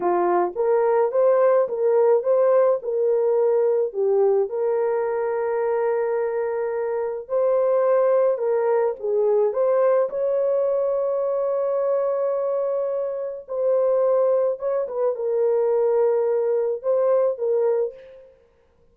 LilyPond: \new Staff \with { instrumentName = "horn" } { \time 4/4 \tempo 4 = 107 f'4 ais'4 c''4 ais'4 | c''4 ais'2 g'4 | ais'1~ | ais'4 c''2 ais'4 |
gis'4 c''4 cis''2~ | cis''1 | c''2 cis''8 b'8 ais'4~ | ais'2 c''4 ais'4 | }